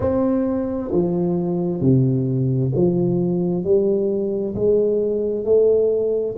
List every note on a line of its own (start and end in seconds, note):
0.00 0.90 C4
0.91 1.81 F3
1.81 2.71 C3
2.75 3.64 F3
3.64 4.55 G3
4.55 5.44 G#3
5.44 6.35 A3